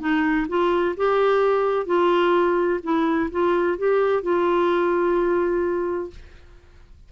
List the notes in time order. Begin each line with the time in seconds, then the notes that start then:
0.00 D#4
0.49 F4
0.97 G4
1.86 F4
2.83 E4
3.31 F4
3.78 G4
4.23 F4